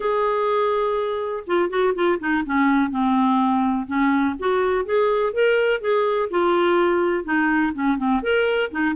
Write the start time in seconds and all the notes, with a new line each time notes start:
0.00 G#4
1.46 F4
1.69 F#4
1.94 F4
2.19 D#4
2.45 C#4
2.90 C4
3.86 C#4
4.39 F#4
4.85 G#4
5.33 A#4
5.80 G#4
6.30 F4
7.24 D#4
7.74 C#4
7.97 C4
8.22 A#4
8.71 D#4